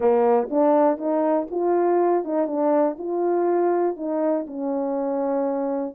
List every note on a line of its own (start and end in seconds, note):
0.00 0.48 A#3
0.50 0.97 D4
0.97 1.47 D#4
1.51 2.24 F4
2.24 2.47 D#4
2.47 2.96 D4
2.98 3.96 F4
3.96 4.45 D#4
4.47 5.95 C#4